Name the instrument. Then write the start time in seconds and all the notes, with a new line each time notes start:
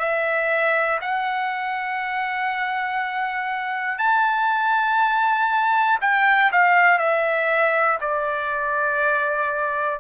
trumpet
0.00 E5
1.02 F#5
3.99 A5
6.01 G5
6.53 F5
6.99 E5
8.01 D5